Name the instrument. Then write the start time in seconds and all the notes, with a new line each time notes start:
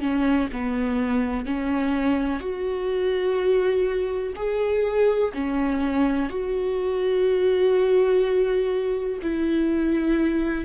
viola
0.00 C#4
0.52 B3
1.45 C#4
2.39 F#4
4.35 G#4
5.33 C#4
6.29 F#4
9.22 E4